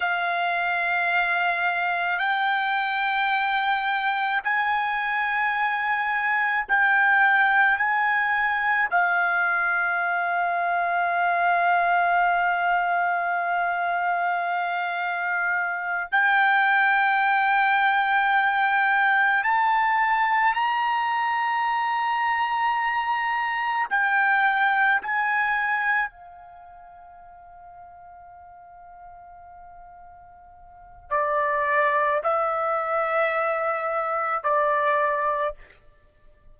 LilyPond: \new Staff \with { instrumentName = "trumpet" } { \time 4/4 \tempo 4 = 54 f''2 g''2 | gis''2 g''4 gis''4 | f''1~ | f''2~ f''8 g''4.~ |
g''4. a''4 ais''4.~ | ais''4. g''4 gis''4 f''8~ | f''1 | d''4 e''2 d''4 | }